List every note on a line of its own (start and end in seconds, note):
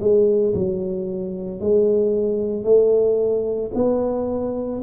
0.00 0.54 G#3
0.54 1.60 F#3
1.60 2.63 G#3
2.63 3.71 A3
3.75 4.82 B3